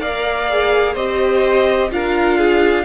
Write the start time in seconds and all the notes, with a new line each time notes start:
0.00 A#3 A#4 D5 F5
0.49 G#4
0.94 C4 G4 C5 D#5
1.91 D4 F4 A#4 F5
2.38 G#4